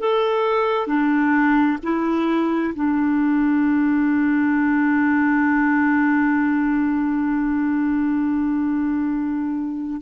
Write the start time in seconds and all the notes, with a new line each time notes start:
0.00 A4
0.86 D4
1.83 E4
2.74 D4